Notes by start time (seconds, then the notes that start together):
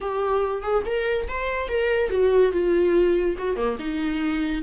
0.00 G4
0.62 G#4
0.85 A#4
1.28 C5
1.68 A#4
2.10 F#4
2.52 F4
3.38 F#4
3.55 A#3
3.79 D#4